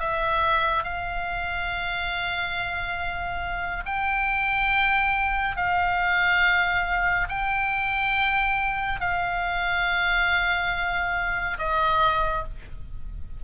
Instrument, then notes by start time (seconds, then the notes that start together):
oboe
0.00 E5
0.84 F5
3.86 G5
5.57 F5
7.29 G5
9.01 F5
11.59 D#5